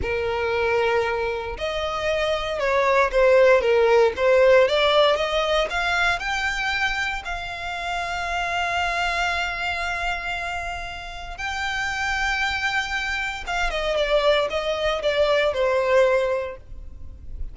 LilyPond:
\new Staff \with { instrumentName = "violin" } { \time 4/4 \tempo 4 = 116 ais'2. dis''4~ | dis''4 cis''4 c''4 ais'4 | c''4 d''4 dis''4 f''4 | g''2 f''2~ |
f''1~ | f''2 g''2~ | g''2 f''8 dis''8 d''4 | dis''4 d''4 c''2 | }